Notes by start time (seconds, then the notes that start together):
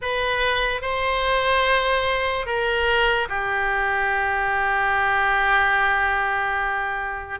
0.01 B4
0.81 C5
2.45 A#4
3.28 G4